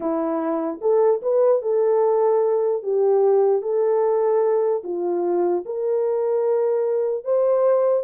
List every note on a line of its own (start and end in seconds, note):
0.00 0.79 E4
0.81 1.21 A4
1.22 1.61 B4
1.61 2.82 A4
2.83 3.61 G4
3.61 4.82 A4
4.83 5.64 F4
5.65 7.24 A#4
7.24 8.03 C5